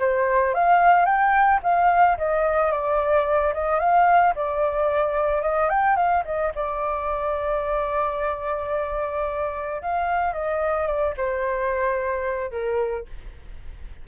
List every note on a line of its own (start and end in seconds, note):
0.00 0.55 C5
0.55 1.06 F5
1.06 1.60 G5
1.63 2.18 F5
2.18 2.72 D#5
2.72 3.54 D5
3.54 3.80 D#5
3.80 4.34 F5
4.36 5.42 D5
5.42 5.70 D#5
5.70 5.97 G5
5.97 6.24 F5
6.26 6.53 D#5
6.55 9.82 D5
9.82 10.34 F5
10.34 10.87 D#5
10.87 11.15 D5
11.18 12.52 C5
12.52 13.06 A#4